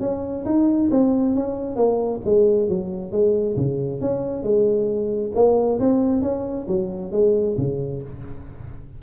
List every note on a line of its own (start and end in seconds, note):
0.00 0.44 C#4
0.45 0.89 D#4
0.91 1.35 C4
1.35 1.76 C#4
1.76 2.20 A#3
2.24 2.68 G#3
2.68 3.12 F#3
3.12 3.56 G#3
3.56 4.00 C#3
4.00 4.43 C#4
4.43 5.32 G#3
5.35 5.79 A#3
5.79 6.22 C4
6.22 6.66 C#4
6.67 7.11 F#3
7.11 7.56 G#3
7.57 8.02 C#3